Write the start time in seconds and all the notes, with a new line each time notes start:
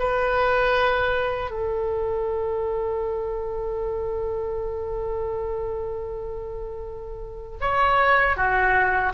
0.00 B4
1.51 A4
7.61 C#5
8.37 F#4